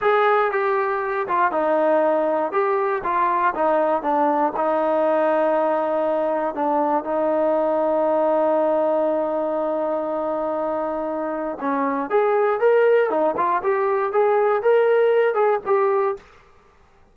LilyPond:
\new Staff \with { instrumentName = "trombone" } { \time 4/4 \tempo 4 = 119 gis'4 g'4. f'8 dis'4~ | dis'4 g'4 f'4 dis'4 | d'4 dis'2.~ | dis'4 d'4 dis'2~ |
dis'1~ | dis'2. cis'4 | gis'4 ais'4 dis'8 f'8 g'4 | gis'4 ais'4. gis'8 g'4 | }